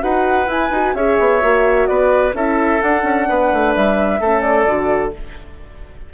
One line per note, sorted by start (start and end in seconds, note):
0.00 0.47 D#4
0.00 0.47 F#4
0.00 0.95 B4
0.00 0.49 F#5
0.47 0.70 E4
0.47 0.95 G#5
0.71 0.94 D#4
0.71 0.96 F#4
0.94 1.17 C#4
0.94 1.40 G#4
0.94 1.88 C#5
0.94 1.86 E5
1.19 1.42 B3
1.40 1.89 A#3
1.40 2.33 F#4
1.86 2.33 B3
1.86 2.35 B4
1.86 2.33 D5
2.33 2.80 C#4
2.33 2.82 E4
2.33 3.28 A4
2.33 2.81 E5
2.81 3.03 D4
2.81 4.23 D4
2.81 3.74 F#5
3.03 3.26 C#4
3.28 3.52 B3
3.28 4.20 B4
3.52 3.76 A3
3.75 4.20 G3
3.75 4.41 E5
4.20 4.67 A3
4.20 4.66 C#4
4.20 5.13 A4
4.41 5.11 D5
4.66 5.13 D3
4.66 5.13 F#4